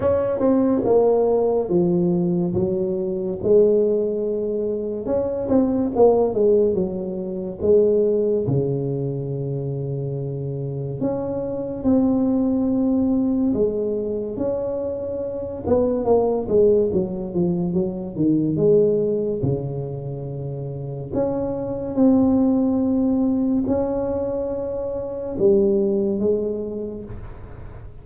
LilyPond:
\new Staff \with { instrumentName = "tuba" } { \time 4/4 \tempo 4 = 71 cis'8 c'8 ais4 f4 fis4 | gis2 cis'8 c'8 ais8 gis8 | fis4 gis4 cis2~ | cis4 cis'4 c'2 |
gis4 cis'4. b8 ais8 gis8 | fis8 f8 fis8 dis8 gis4 cis4~ | cis4 cis'4 c'2 | cis'2 g4 gis4 | }